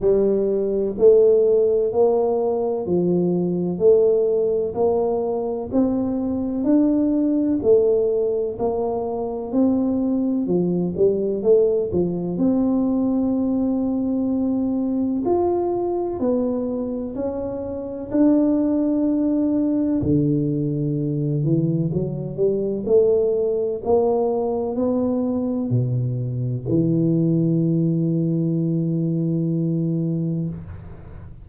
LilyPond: \new Staff \with { instrumentName = "tuba" } { \time 4/4 \tempo 4 = 63 g4 a4 ais4 f4 | a4 ais4 c'4 d'4 | a4 ais4 c'4 f8 g8 | a8 f8 c'2. |
f'4 b4 cis'4 d'4~ | d'4 d4. e8 fis8 g8 | a4 ais4 b4 b,4 | e1 | }